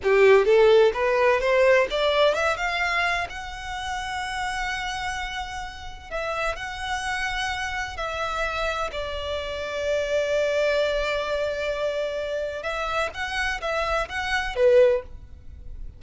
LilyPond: \new Staff \with { instrumentName = "violin" } { \time 4/4 \tempo 4 = 128 g'4 a'4 b'4 c''4 | d''4 e''8 f''4. fis''4~ | fis''1~ | fis''4 e''4 fis''2~ |
fis''4 e''2 d''4~ | d''1~ | d''2. e''4 | fis''4 e''4 fis''4 b'4 | }